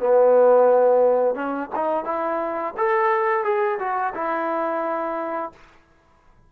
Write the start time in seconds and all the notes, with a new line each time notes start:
0.00 B3
1.35 C#4
1.76 D#4
2.05 E4
2.77 A4
3.45 G#4
3.79 F#4
4.15 E4